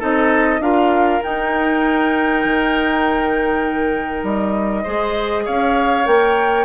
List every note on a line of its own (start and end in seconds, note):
0.00 0.60 C4
0.00 0.61 D#4
0.00 0.61 A4
0.00 0.62 D#5
0.60 1.20 D4
0.60 1.22 F4
0.60 4.83 A#4
0.60 1.23 F5
1.23 4.85 D#4
1.23 2.45 D#4
1.23 4.26 G5
2.45 4.24 D#3
4.24 4.84 G3
4.24 5.47 D#5
4.83 5.48 G#3
4.83 6.06 G#4
4.83 5.44 C5
5.46 6.07 C#4
5.46 6.66 C#5
5.46 6.07 F5
6.06 6.66 A#3
6.06 6.66 A#4
6.06 6.66 G5